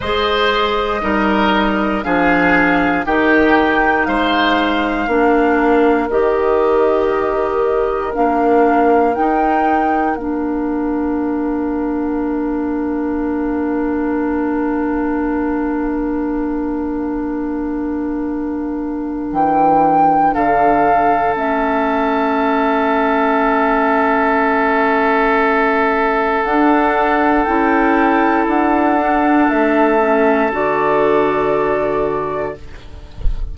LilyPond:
<<
  \new Staff \with { instrumentName = "flute" } { \time 4/4 \tempo 4 = 59 dis''2 f''4 g''4 | f''2 dis''2 | f''4 g''4 f''2~ | f''1~ |
f''2. g''4 | f''4 e''2.~ | e''2 fis''4 g''4 | fis''4 e''4 d''2 | }
  \new Staff \with { instrumentName = "oboe" } { \time 4/4 c''4 ais'4 gis'4 g'4 | c''4 ais'2.~ | ais'1~ | ais'1~ |
ais'1 | a'1~ | a'1~ | a'1 | }
  \new Staff \with { instrumentName = "clarinet" } { \time 4/4 gis'4 dis'4 d'4 dis'4~ | dis'4 d'4 g'2 | d'4 dis'4 d'2~ | d'1~ |
d'1~ | d'4 cis'2.~ | cis'2 d'4 e'4~ | e'8 d'4 cis'8 fis'2 | }
  \new Staff \with { instrumentName = "bassoon" } { \time 4/4 gis4 g4 f4 dis4 | gis4 ais4 dis2 | ais4 dis'4 ais2~ | ais1~ |
ais2. e4 | d4 a2.~ | a2 d'4 cis'4 | d'4 a4 d2 | }
>>